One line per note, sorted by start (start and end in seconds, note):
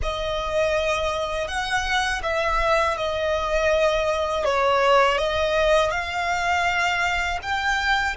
0.02 1.47 D#5
1.47 2.21 F#5
2.23 2.97 E5
2.97 4.44 D#5
4.44 5.18 C#5
5.18 5.91 D#5
5.91 7.39 F5
7.42 8.16 G5